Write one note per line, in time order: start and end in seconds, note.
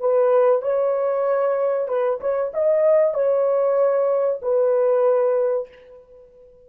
0.00 0.62 B4
0.62 1.88 C#5
1.88 2.20 B4
2.20 2.52 C#5
2.54 3.14 D#5
3.14 4.40 C#5
4.42 5.69 B4